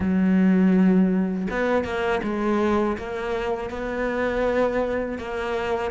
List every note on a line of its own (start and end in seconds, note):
0.00 1.47 F#3
1.50 1.84 B3
1.84 2.21 A#3
2.23 2.97 G#3
2.97 3.70 A#3
3.70 5.18 B3
5.18 5.91 A#3